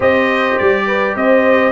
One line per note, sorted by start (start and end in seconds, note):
0.00 0.56 C4
0.00 1.72 G4
0.00 0.84 C5
0.00 0.57 D#5
0.57 1.15 G3
0.57 1.15 D5
0.86 1.15 B4
1.15 1.72 C4
1.15 1.72 C5
1.15 1.72 D#5